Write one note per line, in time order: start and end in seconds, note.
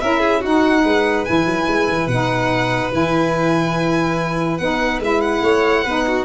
0.00 0.43 C#4
0.00 0.43 E4
0.00 0.20 A#4
0.00 0.42 E5
0.20 0.40 G#4
0.40 0.84 D#4
0.40 1.26 D#4
0.40 0.82 F#4
0.40 1.25 F#5
0.84 1.25 G#3
0.84 5.42 B4
1.25 1.46 E3
1.25 2.09 E4
1.25 2.08 G#5
1.46 1.67 F#3
1.67 1.88 G#3
1.89 2.07 E3
2.07 2.90 B2
2.07 2.91 D#4
2.07 2.91 F#5
2.91 4.59 E3
2.91 4.58 E4
2.91 4.58 G#5
4.58 4.99 B3
4.58 5.02 D#4
4.58 4.99 F#5
4.99 5.41 G#3
4.99 5.85 E4
4.99 5.21 E5
5.21 6.24 F#5
5.42 5.84 A3
5.42 5.84 C#5
5.84 6.24 B3
5.84 6.24 D#4
5.84 6.04 B4
6.07 6.24 F#4